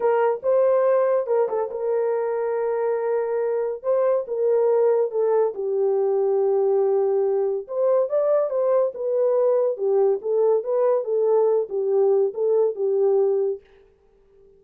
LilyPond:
\new Staff \with { instrumentName = "horn" } { \time 4/4 \tempo 4 = 141 ais'4 c''2 ais'8 a'8 | ais'1~ | ais'4 c''4 ais'2 | a'4 g'2.~ |
g'2 c''4 d''4 | c''4 b'2 g'4 | a'4 b'4 a'4. g'8~ | g'4 a'4 g'2 | }